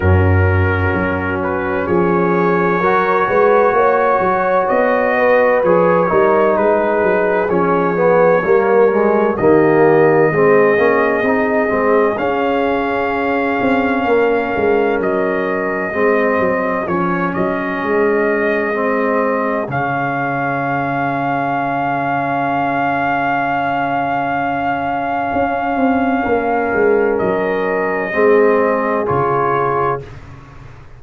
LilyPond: <<
  \new Staff \with { instrumentName = "trumpet" } { \time 4/4 \tempo 4 = 64 ais'4. b'8 cis''2~ | cis''4 dis''4 cis''4 b'4 | cis''2 dis''2~ | dis''4 f''2. |
dis''2 cis''8 dis''4.~ | dis''4 f''2.~ | f''1~ | f''4 dis''2 cis''4 | }
  \new Staff \with { instrumentName = "horn" } { \time 4/4 fis'2 gis'4 ais'8 b'8 | cis''4. b'4 ais'8 gis'4~ | gis'4 ais'4 g'4 gis'4~ | gis'2. ais'4~ |
ais'4 gis'2.~ | gis'1~ | gis'1 | ais'2 gis'2 | }
  \new Staff \with { instrumentName = "trombone" } { \time 4/4 cis'2. fis'4~ | fis'2 gis'8 dis'4. | cis'8 b8 ais8 gis8 ais4 c'8 cis'8 | dis'8 c'8 cis'2.~ |
cis'4 c'4 cis'2 | c'4 cis'2.~ | cis'1~ | cis'2 c'4 f'4 | }
  \new Staff \with { instrumentName = "tuba" } { \time 4/4 fis,4 fis4 f4 fis8 gis8 | ais8 fis8 b4 f8 g8 gis8 fis8 | f4 g4 dis4 gis8 ais8 | c'8 gis8 cis'4. c'8 ais8 gis8 |
fis4 gis8 fis8 f8 fis8 gis4~ | gis4 cis2.~ | cis2. cis'8 c'8 | ais8 gis8 fis4 gis4 cis4 | }
>>